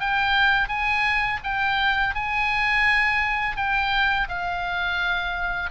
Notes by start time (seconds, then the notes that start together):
0.00 G5
0.69 G#5
1.44 G5
2.15 G#5
3.56 G5
4.29 F5